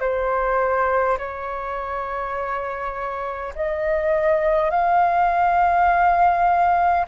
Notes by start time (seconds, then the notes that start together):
0.00 C5
1.18 C#5
3.55 D#5
4.71 F5